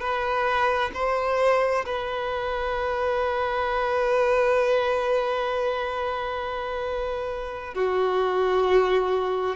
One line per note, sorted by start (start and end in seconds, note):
0.00 0.91 B4
0.94 1.85 C5
1.85 7.74 B4
7.74 9.56 F#4